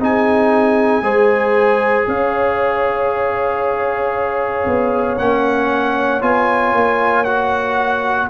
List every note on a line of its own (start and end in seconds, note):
0.00 1.02 C4
0.00 1.03 D#4
0.00 1.04 G#4
0.00 2.09 G#5
1.02 2.05 G#3
1.02 5.17 G#4
1.02 2.08 C5
2.08 4.66 C#4
2.08 8.30 C#5
2.08 5.19 F5
4.67 5.19 B3
5.19 6.22 A#3
5.19 6.22 C#4
5.19 6.22 F#5
6.22 6.73 B3
6.22 7.25 F4
6.22 7.25 G#5
6.73 8.28 A#3
7.25 8.29 F#4
7.25 8.28 F#5